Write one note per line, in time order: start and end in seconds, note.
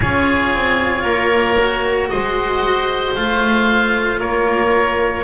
0.00 0.54 C#4
0.00 1.56 F4
0.00 1.03 G#4
0.00 2.08 C#5
0.54 1.04 C4
1.03 2.09 A#3
1.03 2.08 A#4
1.58 3.16 F#4
2.09 3.15 G#3
2.09 4.19 C5
2.09 3.14 D#5
3.15 4.21 A3
3.15 5.24 F4
3.15 4.20 F5
4.19 5.24 A#3
4.19 5.24 A#4
4.19 5.24 C#5